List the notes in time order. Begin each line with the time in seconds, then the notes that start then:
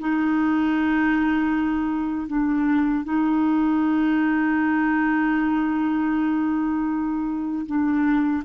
0.00 D#4
2.28 D4
3.05 D#4
7.66 D4